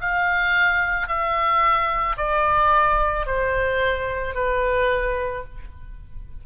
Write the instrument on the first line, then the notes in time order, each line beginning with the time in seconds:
oboe
0.00 F5
1.07 E5
2.17 D5
3.26 C5
4.34 B4